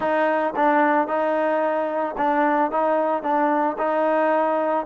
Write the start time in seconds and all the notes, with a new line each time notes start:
0.00 D#4
0.56 D4
1.07 D#4
2.17 D4
2.71 D#4
3.22 D4
3.78 D#4